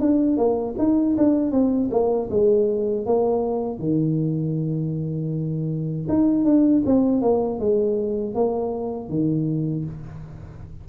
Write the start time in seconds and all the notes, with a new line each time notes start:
0.00 D4
0.37 A#3
0.78 D#4
1.18 D4
1.52 C4
1.91 A#3
2.30 G#3
3.06 A#3
3.79 D#3
6.09 D#4
6.45 D4
6.86 C4
7.22 A#3
7.59 G#3
8.35 A#3
9.09 D#3